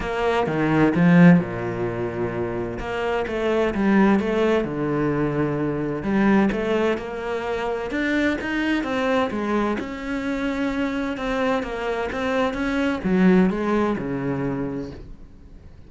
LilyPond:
\new Staff \with { instrumentName = "cello" } { \time 4/4 \tempo 4 = 129 ais4 dis4 f4 ais,4~ | ais,2 ais4 a4 | g4 a4 d2~ | d4 g4 a4 ais4~ |
ais4 d'4 dis'4 c'4 | gis4 cis'2. | c'4 ais4 c'4 cis'4 | fis4 gis4 cis2 | }